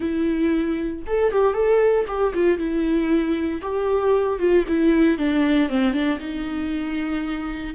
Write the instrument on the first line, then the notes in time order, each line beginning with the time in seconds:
viola
0.00 E4
1.06 A4
1.32 G4
1.53 A4
2.07 G4
2.33 F4
2.57 E4
3.61 G4
4.39 F4
4.67 E4
5.18 D4
5.69 C4
5.93 D4
6.19 D#4